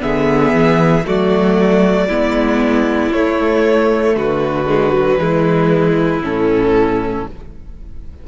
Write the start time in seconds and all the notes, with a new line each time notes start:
0.00 D3 B3 G#4 E5
0.53 E3
1.06 F#3 A3 F#4 D5
2.08 G#3 B3 E4
3.13 A3 C#5
4.16 D3 F#4 B4
4.67 G#3
4.93 F#3
5.19 E3 G#3 E4
6.22 A2 C#4 A4